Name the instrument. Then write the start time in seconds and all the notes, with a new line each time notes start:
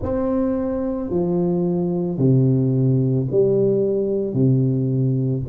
tuba
0.02 C4
1.10 F3
2.18 C3
3.30 G3
4.33 C3